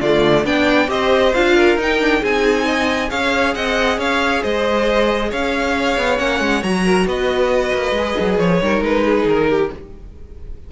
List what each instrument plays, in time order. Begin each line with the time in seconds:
0.00 cello D3, viola A3, violin F4 D5
0.44 cello B3, viola D4, violin D5 G5
0.87 cello C4, viola G4, violin C5 D#5
1.34 cello D4, viola F4, violin F5
1.56 violin A#4
1.76 cello D#4, viola D#4, violin G5
2.00 viola D4
2.20 cello C4, viola D#4, violin G#4 G#5
2.65 violin D#5
3.08 cello C#4, viola G#4, violin C#5 F5
3.54 cello C4, violin D#5 F#5
3.98 cello C#4, violin C#5 F5
4.42 cello G#3, violin C5 D#5
5.30 cello C#4, violin C#5 F5
5.97 cello B3
6.17 cello A#3, viola C#4, violin F#5
6.40 cello G#3
6.62 cello F#3, viola F#4, violin A#5
6.85 violin A#4
7.06 cello B3, violin B4 D#5
7.73 cello A#3
7.91 cello G#3
7.98 viola G#4
8.19 cello F#3
8.38 cello F3, violin C#5
8.62 cello G3, viola D#4, violin A#4
8.81 cello G#3, violin B4
9.05 violin G#4
9.25 cello D#3, violin A#4
9.49 violin G4